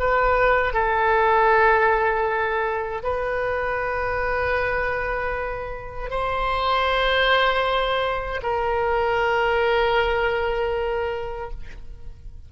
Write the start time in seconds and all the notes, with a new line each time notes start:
0.00 B4
0.74 A4
3.03 B4
6.10 C5
8.43 A#4